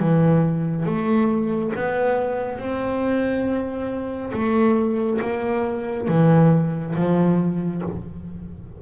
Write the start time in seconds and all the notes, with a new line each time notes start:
0.00 E3
0.86 A3
1.76 B3
2.58 C4
4.33 A3
5.21 A#3
6.08 E3
6.95 F3